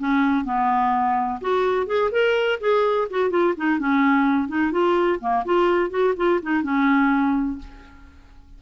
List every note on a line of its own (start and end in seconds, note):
0.00 0.45 C#4
0.45 1.40 B3
1.42 1.87 F#4
1.87 2.11 G#4
2.12 2.60 A#4
2.61 3.09 G#4
3.11 3.31 F#4
3.31 3.55 F4
3.58 3.80 D#4
3.80 4.49 C#4
4.49 4.72 D#4
4.72 5.20 F4
5.21 5.45 A#3
5.45 5.91 F4
5.91 6.15 F#4
6.17 6.41 F4
6.43 6.64 D#4
6.64 7.59 C#4